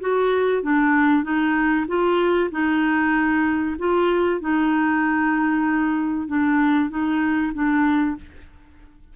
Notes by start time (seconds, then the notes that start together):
0.00 F#4
0.62 D4
1.23 D#4
1.87 F4
2.51 D#4
3.78 F4
4.40 D#4
6.27 D4
6.90 D#4
7.53 D4